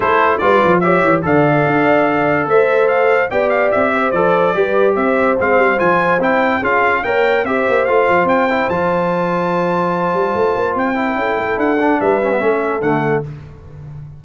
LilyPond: <<
  \new Staff \with { instrumentName = "trumpet" } { \time 4/4 \tempo 4 = 145 c''4 d''4 e''4 f''4~ | f''2 e''4 f''4 | g''8 f''8 e''4 d''2 | e''4 f''4 gis''4 g''4 |
f''4 g''4 e''4 f''4 | g''4 a''2.~ | a''2 g''2 | fis''4 e''2 fis''4 | }
  \new Staff \with { instrumentName = "horn" } { \time 4/4 a'4 b'4 cis''4 d''4~ | d''2 c''2 | d''4. c''4. b'4 | c''1 |
gis'4 cis''4 c''2~ | c''1~ | c''2~ c''8. ais'16 a'4~ | a'4 b'4 a'2 | }
  \new Staff \with { instrumentName = "trombone" } { \time 4/4 e'4 f'4 g'4 a'4~ | a'1 | g'2 a'4 g'4~ | g'4 c'4 f'4 e'4 |
f'4 ais'4 g'4 f'4~ | f'8 e'8 f'2.~ | f'2~ f'8 e'4.~ | e'8 d'4 cis'16 b16 cis'4 a4 | }
  \new Staff \with { instrumentName = "tuba" } { \time 4/4 a4 g8 f4 e8 d4 | d'2 a2 | b4 c'4 f4 g4 | c'4 gis8 g8 f4 c'4 |
cis'4 ais4 c'8 ais8 a8 f8 | c'4 f2.~ | f8 g8 a8 ais8 c'4 cis'8 a8 | d'4 g4 a4 d4 | }
>>